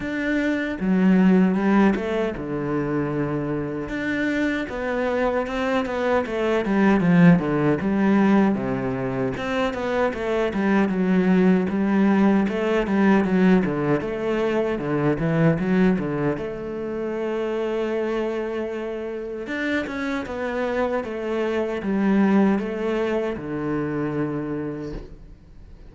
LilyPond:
\new Staff \with { instrumentName = "cello" } { \time 4/4 \tempo 4 = 77 d'4 fis4 g8 a8 d4~ | d4 d'4 b4 c'8 b8 | a8 g8 f8 d8 g4 c4 | c'8 b8 a8 g8 fis4 g4 |
a8 g8 fis8 d8 a4 d8 e8 | fis8 d8 a2.~ | a4 d'8 cis'8 b4 a4 | g4 a4 d2 | }